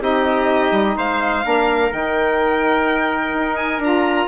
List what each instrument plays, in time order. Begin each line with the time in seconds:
0.00 bassoon C4, saxophone D#4, trumpet G4, violin D#5
0.71 bassoon G3
0.96 bassoon G#3, trumpet C5, violin F5
1.43 bassoon A#3, saxophone D4, trumpet A#4
1.91 bassoon D#3, saxophone D#4, violin G5
3.33 bassoon D#4
3.56 violin G#5
3.78 bassoon D4, saxophone F4, violin A#5